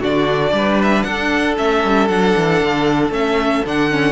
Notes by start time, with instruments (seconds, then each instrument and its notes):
0.00 cello D3, viola D4, violin F#4 D5
0.52 cello G3, violin B4
0.82 violin E5
1.02 cello D4, violin A4 F#5
1.57 cello A3, viola C#4, violin E5
1.84 cello G3
2.08 cello F#3, viola D4, violin F#5
2.36 cello E3
2.61 cello D3
3.10 cello A3, viola C#4, violin E5
3.65 cello D3, viola D4, violin F#5
3.90 viola C#4